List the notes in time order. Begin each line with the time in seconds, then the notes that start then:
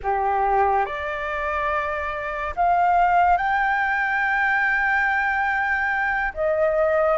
0.02 G4
0.85 D5
2.56 F5
3.36 G5
6.33 D#5